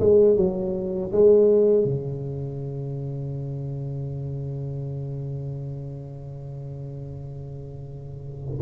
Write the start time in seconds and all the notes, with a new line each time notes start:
0.00 G#3
0.36 F#3
1.12 G#3
1.85 C#3